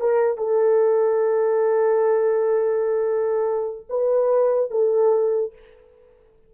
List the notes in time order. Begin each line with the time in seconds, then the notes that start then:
0.00 A#4
0.37 A4
3.89 B4
4.70 A4